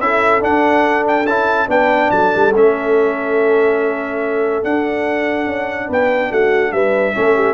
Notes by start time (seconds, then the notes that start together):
0.00 C#4 E4 A4 E5
0.40 D4 F#5
1.07 G5
1.25 C#4 E4 A5
1.68 B3 D4 B4 G5
2.11 F#3 A4 A5
2.35 G3
2.53 A3 C#4 E5
4.63 D4 F#5
5.47 C#4
5.87 B3 B4 G5
6.30 A3 F#4 F#5
6.72 G3 B4 E5
7.14 A3 C#4 A4
7.35 G4